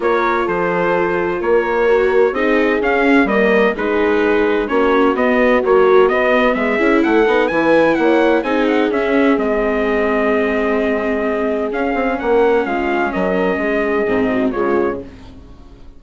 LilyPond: <<
  \new Staff \with { instrumentName = "trumpet" } { \time 4/4 \tempo 4 = 128 cis''4 c''2 cis''4~ | cis''4 dis''4 f''4 dis''4 | b'2 cis''4 dis''4 | cis''4 dis''4 e''4 fis''4 |
gis''4 fis''4 gis''8 fis''8 e''4 | dis''1~ | dis''4 f''4 fis''4 f''4 | dis''2. cis''4 | }
  \new Staff \with { instrumentName = "horn" } { \time 4/4 ais'4 a'2 ais'4~ | ais'4 gis'2 ais'4 | gis'2 fis'2~ | fis'2 gis'4 a'4 |
b'4 cis''4 gis'2~ | gis'1~ | gis'2 ais'4 f'4 | ais'4 gis'4. fis'8 f'4 | }
  \new Staff \with { instrumentName = "viola" } { \time 4/4 f'1 | fis'4 dis'4 cis'4 ais4 | dis'2 cis'4 b4 | fis4 b4. e'4 dis'8 |
e'2 dis'4 cis'4 | c'1~ | c'4 cis'2.~ | cis'2 c'4 gis4 | }
  \new Staff \with { instrumentName = "bassoon" } { \time 4/4 ais4 f2 ais4~ | ais4 c'4 cis'4 g4 | gis2 ais4 b4 | ais4 b4 gis8 cis'8 a8 b8 |
e4 ais4 c'4 cis'4 | gis1~ | gis4 cis'8 c'8 ais4 gis4 | fis4 gis4 gis,4 cis4 | }
>>